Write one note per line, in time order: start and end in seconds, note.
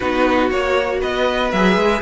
0.00 0.51 B3
0.00 0.51 D#4
0.00 0.97 F#4
0.00 0.50 B4
0.50 1.01 A#3
0.50 1.51 F#4
0.50 1.01 C#5
1.00 1.52 B3
1.00 2.01 B4
1.00 1.51 D#5
1.51 1.75 F#3
1.51 2.01 G#4
1.51 2.01 E5
1.75 2.01 G#3